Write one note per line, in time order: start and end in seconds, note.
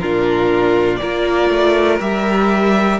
0.00 1.01 A#2
0.00 1.02 D4
0.00 1.00 F4
0.00 0.97 A#4
0.97 1.50 A#3
0.97 2.01 F4
0.97 3.00 A#4
0.97 1.97 D5
1.50 2.00 A3
2.00 3.00 G3
2.00 3.00 G4
2.00 3.00 E5